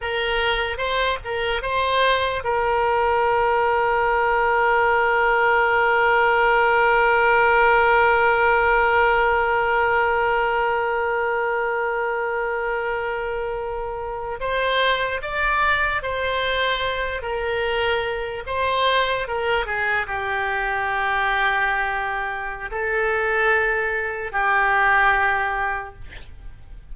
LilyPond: \new Staff \with { instrumentName = "oboe" } { \time 4/4 \tempo 4 = 74 ais'4 c''8 ais'8 c''4 ais'4~ | ais'1~ | ais'1~ | ais'1~ |
ais'4.~ ais'16 c''4 d''4 c''16~ | c''4~ c''16 ais'4. c''4 ais'16~ | ais'16 gis'8 g'2.~ g'16 | a'2 g'2 | }